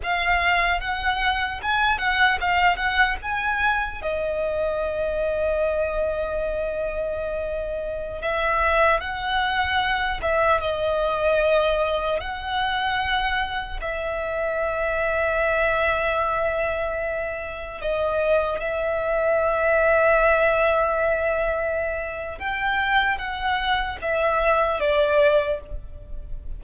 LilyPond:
\new Staff \with { instrumentName = "violin" } { \time 4/4 \tempo 4 = 75 f''4 fis''4 gis''8 fis''8 f''8 fis''8 | gis''4 dis''2.~ | dis''2~ dis''16 e''4 fis''8.~ | fis''8. e''8 dis''2 fis''8.~ |
fis''4~ fis''16 e''2~ e''8.~ | e''2~ e''16 dis''4 e''8.~ | e''1 | g''4 fis''4 e''4 d''4 | }